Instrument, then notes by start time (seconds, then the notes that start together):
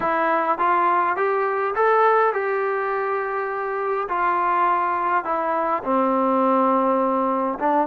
trombone
0.00 E4
0.58 F4
1.16 G4
1.75 A4
2.33 G4
4.08 F4
5.24 E4
5.83 C4
7.59 D4